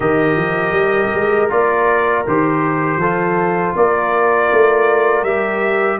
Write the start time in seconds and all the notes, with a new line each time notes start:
0.00 D#3 G4 A#4 D#5
0.36 F3
0.71 G3
1.14 G#3
1.49 A#3 F4 D5
2.27 D#3 G4 C5
2.96 F3 F4 A4
3.75 A#3 A#4 D5
4.52 A3
5.23 G3 G4 E5